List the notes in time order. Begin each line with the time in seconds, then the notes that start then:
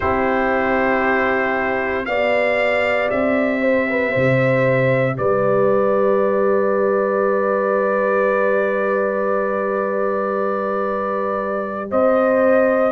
0.00 C4 E4 G4 C5
2.05 B3 G4 D5 F5
3.09 C4 E5
3.61 C5
3.89 B4
4.11 C3 C5
5.17 G3 B4 D5
11.90 C4 C5 D#5